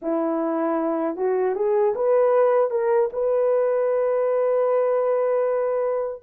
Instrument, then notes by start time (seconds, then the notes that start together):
horn
0.01 E4
1.16 F#4
1.55 G#4
1.95 B4
2.70 A#4
3.12 B4